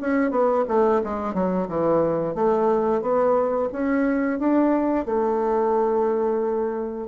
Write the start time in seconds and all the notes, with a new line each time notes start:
0.00 C#4
0.31 B3
0.67 A3
1.03 G#3
1.34 F#3
1.68 E3
2.34 A3
3.01 B3
3.72 C#4
4.39 D4
5.05 A3